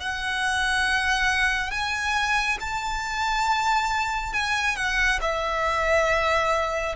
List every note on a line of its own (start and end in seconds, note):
0.00 1.71 F#5
1.71 2.58 G#5
2.61 4.33 A5
4.33 4.76 G#5
4.76 5.20 F#5
5.22 6.96 E5